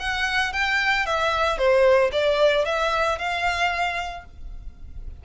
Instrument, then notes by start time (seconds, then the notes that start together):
violin
0.00 F#5
0.53 G5
1.07 E5
1.58 C5
2.13 D5
2.66 E5
3.19 F5